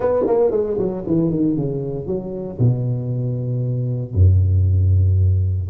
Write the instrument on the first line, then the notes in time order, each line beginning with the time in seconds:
tuba
0.00 B3
0.26 A#3
0.51 G#3
0.78 F#3
1.06 E3
1.30 D#3
1.56 C#3
2.06 F#3
2.58 B2
4.14 F#2